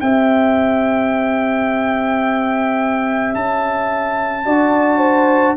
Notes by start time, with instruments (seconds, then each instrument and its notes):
0.00 tuba C4, trombone G4, horn E5, trumpet G5
3.34 tuba C#4, trumpet A5
4.45 tuba D4, trombone F#4, horn D5
4.98 horn C5